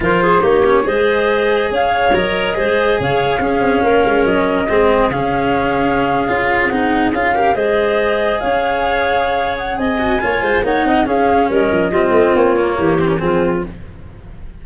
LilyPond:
<<
  \new Staff \with { instrumentName = "flute" } { \time 4/4 \tempo 4 = 141 c''4 cis''4 dis''2 | f''4 dis''2 f''4~ | f''2 dis''2 | f''2.~ f''8. fis''16~ |
fis''8. f''4 dis''2 f''16~ | f''2~ f''8 fis''8 gis''4~ | gis''4 fis''4 f''4 dis''4~ | dis''4 cis''4. c''16 ais'16 gis'4 | }
  \new Staff \with { instrumentName = "clarinet" } { \time 4/4 ais'8 gis'8 g'4 c''2 | cis''2 c''4 cis''4 | gis'4 ais'2 gis'4~ | gis'1~ |
gis'4~ gis'16 ais'8 c''2 cis''16~ | cis''2. dis''4 | cis''8 c''8 cis''8 dis''8 gis'4 ais'4 | f'2 g'4 f'4 | }
  \new Staff \with { instrumentName = "cello" } { \time 4/4 f'4 dis'8 cis'8 gis'2~ | gis'4 ais'4 gis'2 | cis'2. c'4 | cis'2~ cis'8. f'4 dis'16~ |
dis'8. f'8 g'8 gis'2~ gis'16~ | gis'2.~ gis'8 fis'8 | f'4 dis'4 cis'2 | c'4. ais4 c'16 cis'16 c'4 | }
  \new Staff \with { instrumentName = "tuba" } { \time 4/4 f4 ais4 gis2 | cis'4 fis4 gis4 cis4 | cis'8 c'8 ais8 gis8 fis4 gis4 | cis2~ cis8. cis'4 c'16~ |
c'8. cis'4 gis2 cis'16~ | cis'2. c'4 | ais8 gis8 ais8 c'8 cis'4 g8 f8 | g8 a8 ais4 e4 f4 | }
>>